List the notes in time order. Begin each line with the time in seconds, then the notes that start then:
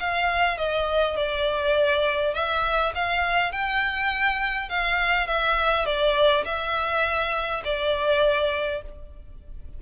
0.00 F5
0.58 D#5
1.17 D5
2.34 E5
2.95 F5
3.53 G5
4.70 F5
5.27 E5
5.86 D5
6.45 E5
7.65 D5